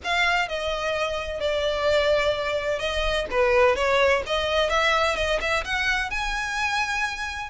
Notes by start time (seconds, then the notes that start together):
0.04 F5
0.48 D#5
1.40 D5
2.79 D#5
3.30 B4
3.75 C#5
4.26 D#5
4.69 E5
5.16 D#5
5.40 E5
5.64 F#5
6.10 G#5